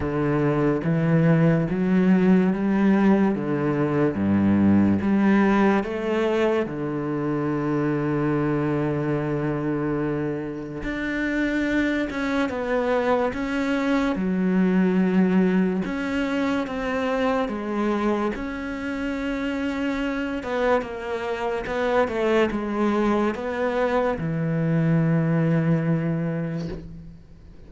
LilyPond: \new Staff \with { instrumentName = "cello" } { \time 4/4 \tempo 4 = 72 d4 e4 fis4 g4 | d4 g,4 g4 a4 | d1~ | d4 d'4. cis'8 b4 |
cis'4 fis2 cis'4 | c'4 gis4 cis'2~ | cis'8 b8 ais4 b8 a8 gis4 | b4 e2. | }